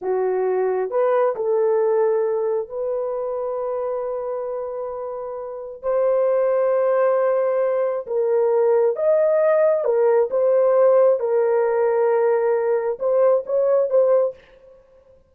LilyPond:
\new Staff \with { instrumentName = "horn" } { \time 4/4 \tempo 4 = 134 fis'2 b'4 a'4~ | a'2 b'2~ | b'1~ | b'4 c''2.~ |
c''2 ais'2 | dis''2 ais'4 c''4~ | c''4 ais'2.~ | ais'4 c''4 cis''4 c''4 | }